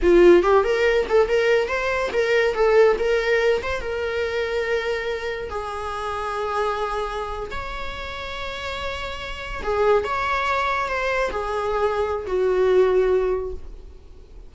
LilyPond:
\new Staff \with { instrumentName = "viola" } { \time 4/4 \tempo 4 = 142 f'4 g'8 ais'4 a'8 ais'4 | c''4 ais'4 a'4 ais'4~ | ais'8 c''8 ais'2.~ | ais'4 gis'2.~ |
gis'4.~ gis'16 cis''2~ cis''16~ | cis''2~ cis''8. gis'4 cis''16~ | cis''4.~ cis''16 c''4 gis'4~ gis'16~ | gis'4 fis'2. | }